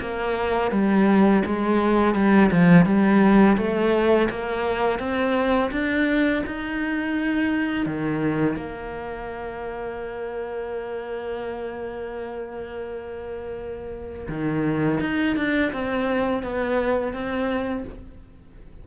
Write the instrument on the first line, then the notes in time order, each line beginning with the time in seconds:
cello
0.00 A#3
0.71 G3
1.45 G#3
2.14 G3
2.51 F3
2.85 G3
3.57 A3
4.30 A#3
4.99 C4
5.71 D4
6.46 D#4
7.85 D#3
8.56 A#3
14.28 D#3
15.00 D#4
15.36 D4
15.72 C4
16.42 B3
17.13 C4